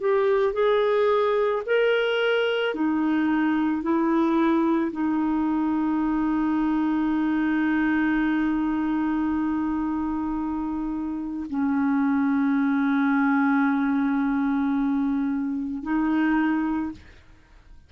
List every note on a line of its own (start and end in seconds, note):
0.00 0.53 G4
0.53 1.62 G#4
1.66 2.75 A#4
2.75 3.82 D#4
3.82 4.91 E4
4.92 11.46 D#4
11.50 15.83 C#4
15.83 16.92 D#4